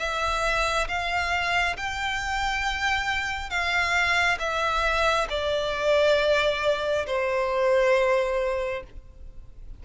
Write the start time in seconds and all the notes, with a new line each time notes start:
0.00 E5
0.89 F5
1.77 G5
3.51 F5
4.40 E5
5.30 D5
7.07 C5